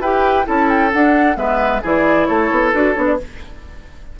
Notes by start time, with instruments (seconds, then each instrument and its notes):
0.00 bassoon E4, clarinet G4, oboe B4, flute G5
0.44 bassoon C#4, clarinet E4, oboe A4, flute A5
0.69 flute G5
0.93 bassoon D4, clarinet D4, flute F#5
1.35 bassoon G#3, clarinet B3, oboe B4, flute E5
1.82 bassoon E3, clarinet E4, oboe G#4, flute D5
2.26 bassoon A3, oboe A4, flute C#5
2.50 bassoon B3
2.72 bassoon D4, clarinet F#4, flute B4
2.94 bassoon B3, clarinet D4, flute C#5
3.06 flute D5